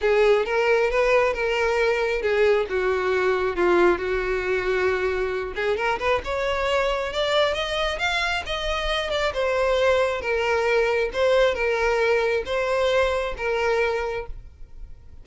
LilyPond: \new Staff \with { instrumentName = "violin" } { \time 4/4 \tempo 4 = 135 gis'4 ais'4 b'4 ais'4~ | ais'4 gis'4 fis'2 | f'4 fis'2.~ | fis'8 gis'8 ais'8 b'8 cis''2 |
d''4 dis''4 f''4 dis''4~ | dis''8 d''8 c''2 ais'4~ | ais'4 c''4 ais'2 | c''2 ais'2 | }